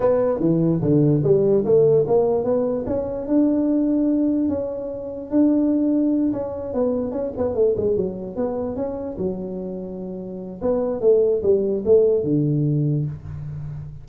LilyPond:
\new Staff \with { instrumentName = "tuba" } { \time 4/4 \tempo 4 = 147 b4 e4 d4 g4 | a4 ais4 b4 cis'4 | d'2. cis'4~ | cis'4 d'2~ d'8 cis'8~ |
cis'8 b4 cis'8 b8 a8 gis8 fis8~ | fis8 b4 cis'4 fis4.~ | fis2 b4 a4 | g4 a4 d2 | }